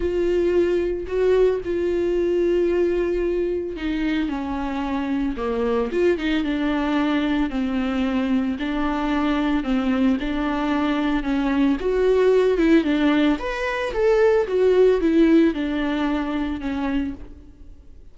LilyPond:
\new Staff \with { instrumentName = "viola" } { \time 4/4 \tempo 4 = 112 f'2 fis'4 f'4~ | f'2. dis'4 | cis'2 ais4 f'8 dis'8 | d'2 c'2 |
d'2 c'4 d'4~ | d'4 cis'4 fis'4. e'8 | d'4 b'4 a'4 fis'4 | e'4 d'2 cis'4 | }